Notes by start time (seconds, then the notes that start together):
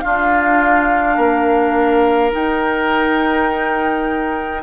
0.00 D4 F4 F5
1.16 A#3 A#4
2.31 D#4 G5